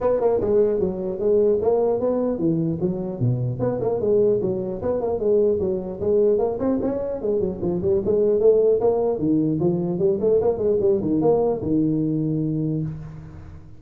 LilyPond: \new Staff \with { instrumentName = "tuba" } { \time 4/4 \tempo 4 = 150 b8 ais8 gis4 fis4 gis4 | ais4 b4 e4 fis4 | b,4 b8 ais8 gis4 fis4 | b8 ais8 gis4 fis4 gis4 |
ais8 c'8 cis'4 gis8 fis8 f8 g8 | gis4 a4 ais4 dis4 | f4 g8 a8 ais8 gis8 g8 dis8 | ais4 dis2. | }